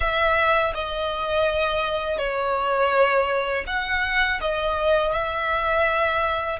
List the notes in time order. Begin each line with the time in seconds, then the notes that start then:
0.00 E5
0.74 D#5
2.18 C#5
3.67 F#5
4.41 D#5
5.12 E5